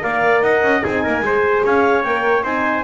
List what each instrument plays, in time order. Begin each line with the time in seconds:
0.00 double bass A#3, horn A#4, trumpet D5, clarinet F5
0.42 double bass D#4, trumpet D#5, clarinet F#5
0.62 double bass C#4
0.82 double bass C4, horn D#4, trumpet G#4, clarinet G#5
1.03 double bass A#3, trumpet A#4
1.21 double bass G#3, horn G#4, trumpet C5
1.64 double bass C#4, trumpet C#5, clarinet F5
2.03 double bass A#3, horn A#4, clarinet G5
2.43 double bass C4, horn D#4, trumpet C5, clarinet G#5